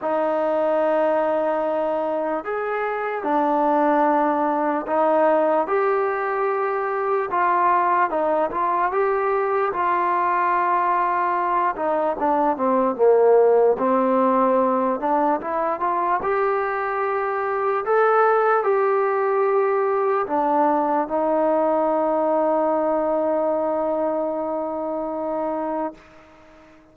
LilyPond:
\new Staff \with { instrumentName = "trombone" } { \time 4/4 \tempo 4 = 74 dis'2. gis'4 | d'2 dis'4 g'4~ | g'4 f'4 dis'8 f'8 g'4 | f'2~ f'8 dis'8 d'8 c'8 |
ais4 c'4. d'8 e'8 f'8 | g'2 a'4 g'4~ | g'4 d'4 dis'2~ | dis'1 | }